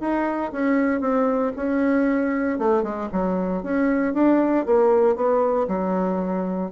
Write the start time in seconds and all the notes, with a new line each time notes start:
0.00 D#4
0.52 C#4
1.00 C4
1.56 C#4
2.58 A3
2.83 G#3
3.12 F#3
3.63 C#4
4.14 D4
4.66 A#3
5.16 B3
5.68 F#3